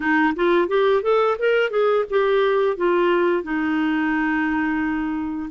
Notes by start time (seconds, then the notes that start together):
0.00 D#4
0.35 F4
0.68 G4
1.02 A4
1.38 A#4
1.70 G#4
2.10 G4
2.76 F4
3.43 D#4